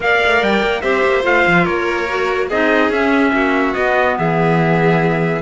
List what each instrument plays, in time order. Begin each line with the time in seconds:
0.00 cello A#3, clarinet A#4, violin D5, trumpet F5
0.25 cello A3
0.42 cello G3, trumpet G5
0.62 cello A#3
0.81 cello C4, clarinet G4, violin C5, trumpet E5
1.04 cello A#3
1.22 cello A3, clarinet F4, trumpet F5
1.47 cello F3
1.63 cello A#3, violin A#4, trumpet C#5
2.08 clarinet F#4
2.48 cello C4, clarinet D#4, violin G#4, trumpet D#5
2.89 cello C#4, clarinet C#4, trumpet E5
3.32 cello A#3, violin F#4
3.74 clarinet B3, cello B3, trumpet D#5
4.18 cello E3, violin G#4, trumpet E5